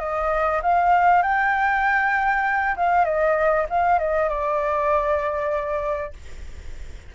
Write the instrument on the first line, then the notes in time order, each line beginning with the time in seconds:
flute
0.00 D#5
0.63 F5
1.23 G5
2.77 F5
3.05 D#5
3.70 F5
3.99 D#5
4.30 D5